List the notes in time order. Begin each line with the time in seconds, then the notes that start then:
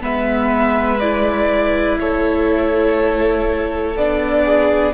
0.00 G#3 B3 B4 E5
0.99 E4 D5
1.98 A3 A4 C#5
3.96 B3 D4 D5
4.43 G#4